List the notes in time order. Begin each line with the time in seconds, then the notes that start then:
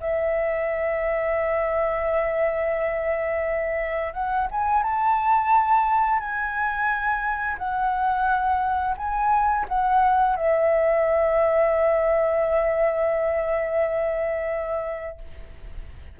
0.00 E5
4.13 F#5
4.51 G#5
4.83 A5
6.19 G#5
7.58 F#5
8.97 G#5
9.68 F#5
10.36 E5